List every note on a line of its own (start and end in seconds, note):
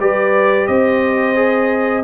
0.00 0.68 G3
0.00 1.36 G4
0.00 0.69 B4
0.00 0.68 D5
0.68 2.05 C4
0.68 2.05 C5
0.68 2.04 D#5
1.36 2.04 G#4